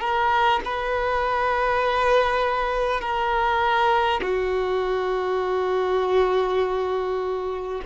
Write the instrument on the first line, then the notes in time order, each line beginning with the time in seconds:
violin
0.00 A#4
0.64 B4
3.01 A#4
4.22 F#4